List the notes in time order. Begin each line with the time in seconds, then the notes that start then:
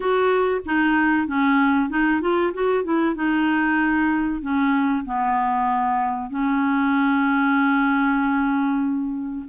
0.00 F#4
0.65 D#4
1.27 C#4
1.89 D#4
2.21 F4
2.53 F#4
2.84 E4
3.15 D#4
4.41 C#4
5.05 B3
6.30 C#4